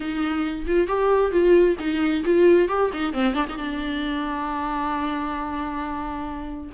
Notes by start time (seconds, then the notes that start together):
0.00 D#4
0.66 F4
0.87 G4
1.31 F4
1.79 D#4
2.24 F4
2.68 G4
2.93 D#4
3.13 C4
3.34 D4
3.49 D#4
3.57 D4